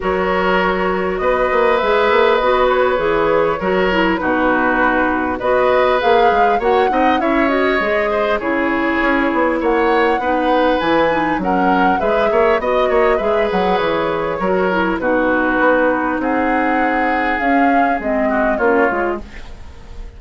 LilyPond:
<<
  \new Staff \with { instrumentName = "flute" } { \time 4/4 \tempo 4 = 100 cis''2 dis''4 e''4 | dis''8 cis''2~ cis''8 b'4~ | b'4 dis''4 f''4 fis''4 | e''8 dis''4. cis''2 |
fis''2 gis''4 fis''4 | e''4 dis''4 e''8 fis''8 cis''4~ | cis''4 b'2 fis''4~ | fis''4 f''4 dis''4 cis''4 | }
  \new Staff \with { instrumentName = "oboe" } { \time 4/4 ais'2 b'2~ | b'2 ais'4 fis'4~ | fis'4 b'2 cis''8 dis''8 | cis''4. c''8 gis'2 |
cis''4 b'2 ais'4 | b'8 cis''8 dis''8 cis''8 b'2 | ais'4 fis'2 gis'4~ | gis'2~ gis'8 fis'8 f'4 | }
  \new Staff \with { instrumentName = "clarinet" } { \time 4/4 fis'2. gis'4 | fis'4 gis'4 fis'8 e'8 dis'4~ | dis'4 fis'4 gis'4 fis'8 dis'8 | e'8 fis'8 gis'4 e'2~ |
e'4 dis'4 e'8 dis'8 cis'4 | gis'4 fis'4 gis'2 | fis'8 e'8 dis'2.~ | dis'4 cis'4 c'4 cis'8 f'8 | }
  \new Staff \with { instrumentName = "bassoon" } { \time 4/4 fis2 b8 ais8 gis8 ais8 | b4 e4 fis4 b,4~ | b,4 b4 ais8 gis8 ais8 c'8 | cis'4 gis4 cis4 cis'8 b8 |
ais4 b4 e4 fis4 | gis8 ais8 b8 ais8 gis8 fis8 e4 | fis4 b,4 b4 c'4~ | c'4 cis'4 gis4 ais8 gis8 | }
>>